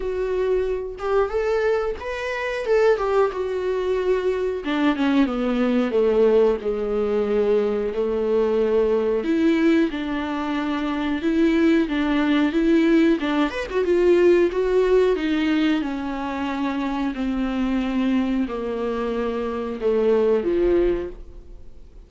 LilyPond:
\new Staff \with { instrumentName = "viola" } { \time 4/4 \tempo 4 = 91 fis'4. g'8 a'4 b'4 | a'8 g'8 fis'2 d'8 cis'8 | b4 a4 gis2 | a2 e'4 d'4~ |
d'4 e'4 d'4 e'4 | d'8 b'16 fis'16 f'4 fis'4 dis'4 | cis'2 c'2 | ais2 a4 f4 | }